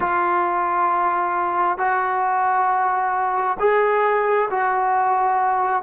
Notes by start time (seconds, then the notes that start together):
0.00 F4
1.77 F#4
3.59 G#4
4.50 F#4